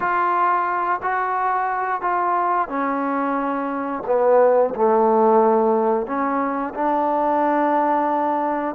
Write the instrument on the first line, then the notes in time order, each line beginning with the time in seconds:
trombone
0.00 F4
1.02 F#4
2.01 F4
2.68 C#4
4.06 B3
4.75 A3
6.06 C#4
6.74 D4